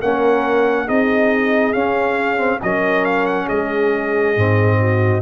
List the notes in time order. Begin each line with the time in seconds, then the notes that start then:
0.00 A#3 C#4 A#4 F#5
0.85 C4 D#4 G#4 D#5
1.73 C#4 F5
2.37 C4
2.62 F#3 C#4 A#4 D#5
3.05 F5
3.26 F#5
3.45 G#3 G#4 D#5
4.36 G#2 C4
4.78 F#4